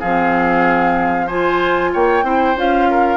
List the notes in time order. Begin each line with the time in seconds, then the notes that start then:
0.00 F3 G#4 F5
0.06 C4
1.27 F4 C5 G#5
1.93 A#3 C#5 G5
2.23 C4 E4 C5
2.56 C#4 F4 F5
2.90 A#4